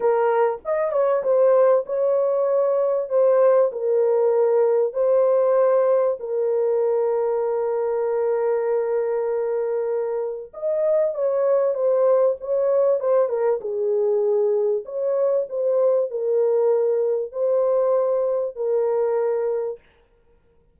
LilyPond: \new Staff \with { instrumentName = "horn" } { \time 4/4 \tempo 4 = 97 ais'4 dis''8 cis''8 c''4 cis''4~ | cis''4 c''4 ais'2 | c''2 ais'2~ | ais'1~ |
ais'4 dis''4 cis''4 c''4 | cis''4 c''8 ais'8 gis'2 | cis''4 c''4 ais'2 | c''2 ais'2 | }